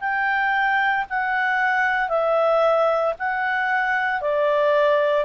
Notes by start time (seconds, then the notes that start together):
0.00 G5
1.10 F#5
2.09 E5
3.19 F#5
4.21 D5